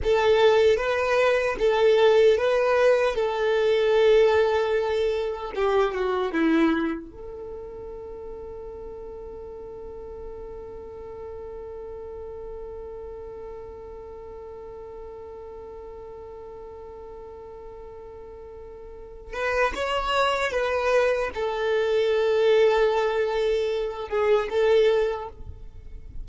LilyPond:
\new Staff \with { instrumentName = "violin" } { \time 4/4 \tempo 4 = 76 a'4 b'4 a'4 b'4 | a'2. g'8 fis'8 | e'4 a'2.~ | a'1~ |
a'1~ | a'1~ | a'8 b'8 cis''4 b'4 a'4~ | a'2~ a'8 gis'8 a'4 | }